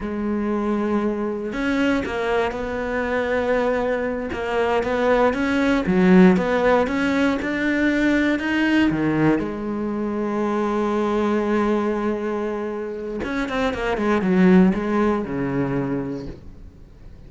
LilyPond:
\new Staff \with { instrumentName = "cello" } { \time 4/4 \tempo 4 = 118 gis2. cis'4 | ais4 b2.~ | b8 ais4 b4 cis'4 fis8~ | fis8 b4 cis'4 d'4.~ |
d'8 dis'4 dis4 gis4.~ | gis1~ | gis2 cis'8 c'8 ais8 gis8 | fis4 gis4 cis2 | }